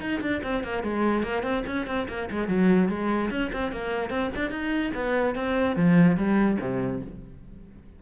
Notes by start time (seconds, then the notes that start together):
0.00 D#4
0.21 D4
0.43 C4
0.63 A#3
0.83 G#3
1.23 A#3
1.43 C4
1.66 C#4
1.87 C4
2.08 A#3
2.31 G#3
2.48 F#3
2.88 G#3
3.30 C#4
3.53 C4
3.72 A#3
4.10 C4
4.35 D4
4.50 D#4
4.94 B3
5.35 C4
5.76 F3
6.16 G3
6.61 C3